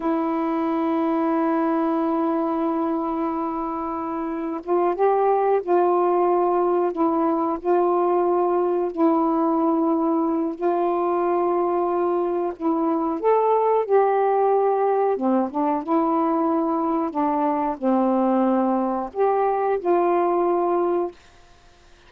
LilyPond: \new Staff \with { instrumentName = "saxophone" } { \time 4/4 \tempo 4 = 91 e'1~ | e'2. f'8 g'8~ | g'8 f'2 e'4 f'8~ | f'4. e'2~ e'8 |
f'2. e'4 | a'4 g'2 c'8 d'8 | e'2 d'4 c'4~ | c'4 g'4 f'2 | }